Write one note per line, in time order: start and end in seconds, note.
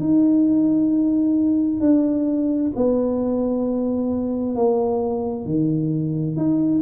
0.00 1.81 D#4
1.81 2.72 D4
2.76 4.56 B3
4.56 5.46 A#3
5.46 6.37 D#3
6.37 6.82 D#4